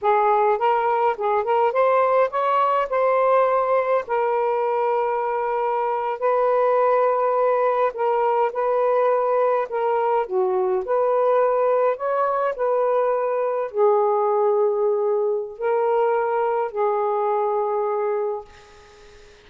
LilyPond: \new Staff \with { instrumentName = "saxophone" } { \time 4/4 \tempo 4 = 104 gis'4 ais'4 gis'8 ais'8 c''4 | cis''4 c''2 ais'4~ | ais'2~ ais'8. b'4~ b'16~ | b'4.~ b'16 ais'4 b'4~ b'16~ |
b'8. ais'4 fis'4 b'4~ b'16~ | b'8. cis''4 b'2 gis'16~ | gis'2. ais'4~ | ais'4 gis'2. | }